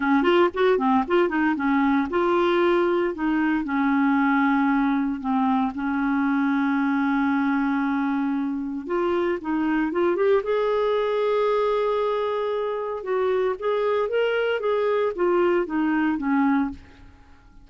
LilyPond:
\new Staff \with { instrumentName = "clarinet" } { \time 4/4 \tempo 4 = 115 cis'8 f'8 fis'8 c'8 f'8 dis'8 cis'4 | f'2 dis'4 cis'4~ | cis'2 c'4 cis'4~ | cis'1~ |
cis'4 f'4 dis'4 f'8 g'8 | gis'1~ | gis'4 fis'4 gis'4 ais'4 | gis'4 f'4 dis'4 cis'4 | }